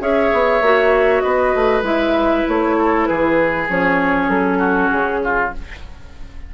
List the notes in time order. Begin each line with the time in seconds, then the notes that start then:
0.00 C#4 G#4 C#5 E5
0.33 B3
0.61 A#3 F#4
1.21 B3 B4 D#5
1.55 A3
1.82 G#3 E4 E5
2.47 A3 C#5
2.78 A4
3.06 E3 G#4 B4
3.69 F3 C#4 C#5
4.29 F#3 A4
4.58 F#4
4.89 C#3 G#4
5.24 F4